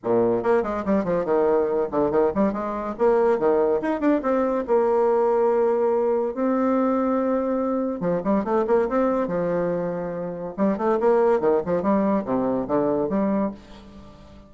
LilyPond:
\new Staff \with { instrumentName = "bassoon" } { \time 4/4 \tempo 4 = 142 ais,4 ais8 gis8 g8 f8 dis4~ | dis8 d8 dis8 g8 gis4 ais4 | dis4 dis'8 d'8 c'4 ais4~ | ais2. c'4~ |
c'2. f8 g8 | a8 ais8 c'4 f2~ | f4 g8 a8 ais4 dis8 f8 | g4 c4 d4 g4 | }